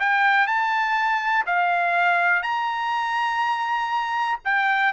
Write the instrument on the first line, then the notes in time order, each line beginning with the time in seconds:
trumpet
0.00 G5
0.47 A5
1.47 F5
2.43 A#5
4.45 G5